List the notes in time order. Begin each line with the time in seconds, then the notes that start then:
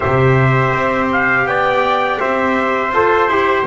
0.00 C3 G4 C5 E5
0.73 C4
1.12 F5
1.45 B3 D5 G5
2.20 C4 C5 E5
2.91 F4 A4 C5
3.27 E4 G4